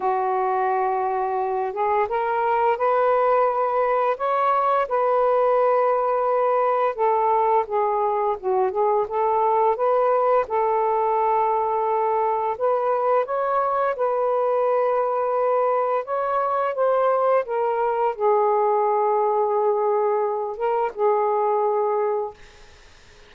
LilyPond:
\new Staff \with { instrumentName = "saxophone" } { \time 4/4 \tempo 4 = 86 fis'2~ fis'8 gis'8 ais'4 | b'2 cis''4 b'4~ | b'2 a'4 gis'4 | fis'8 gis'8 a'4 b'4 a'4~ |
a'2 b'4 cis''4 | b'2. cis''4 | c''4 ais'4 gis'2~ | gis'4. ais'8 gis'2 | }